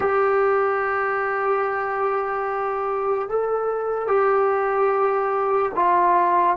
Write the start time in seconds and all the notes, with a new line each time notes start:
0.00 G4
3.28 A4
4.07 G4
5.75 F4